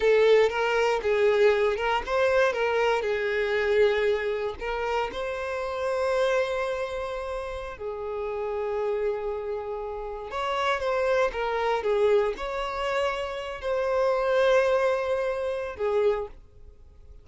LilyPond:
\new Staff \with { instrumentName = "violin" } { \time 4/4 \tempo 4 = 118 a'4 ais'4 gis'4. ais'8 | c''4 ais'4 gis'2~ | gis'4 ais'4 c''2~ | c''2.~ c''16 gis'8.~ |
gis'1~ | gis'16 cis''4 c''4 ais'4 gis'8.~ | gis'16 cis''2~ cis''8 c''4~ c''16~ | c''2. gis'4 | }